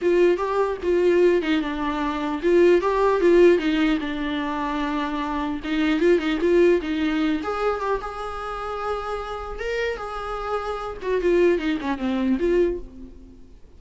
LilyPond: \new Staff \with { instrumentName = "viola" } { \time 4/4 \tempo 4 = 150 f'4 g'4 f'4. dis'8 | d'2 f'4 g'4 | f'4 dis'4 d'2~ | d'2 dis'4 f'8 dis'8 |
f'4 dis'4. gis'4 g'8 | gis'1 | ais'4 gis'2~ gis'8 fis'8 | f'4 dis'8 cis'8 c'4 f'4 | }